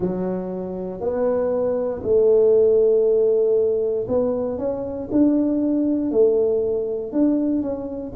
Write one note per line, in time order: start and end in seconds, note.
0.00 1.00 F#3
1.00 2.02 B3
2.03 4.06 A3
4.08 4.58 B3
4.58 5.08 C#4
5.11 6.11 D4
6.11 7.12 A3
7.12 7.62 D4
7.62 8.13 C#4